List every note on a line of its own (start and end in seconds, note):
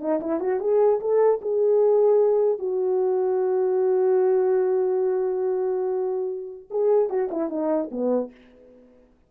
0.00 0.20 D#4
0.21 0.40 E4
0.40 0.60 F#4
0.60 1.00 G#4
1.01 1.41 A4
1.42 2.59 G#4
2.59 6.69 F#4
6.71 7.10 G#4
7.10 7.30 F#4
7.31 7.50 E4
7.50 7.90 D#4
7.91 8.31 B3